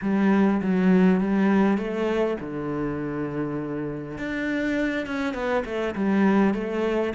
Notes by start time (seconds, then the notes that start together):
0.01 G3
0.62 F#3
1.20 G3
1.77 A3
2.40 D3
4.17 D4
5.06 C#4
5.34 B3
5.65 A3
5.95 G3
6.54 A3